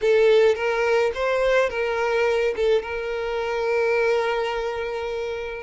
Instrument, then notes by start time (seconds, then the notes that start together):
violin
0.01 A4
0.55 A#4
1.14 C5
1.69 A#4
2.55 A4
2.82 A#4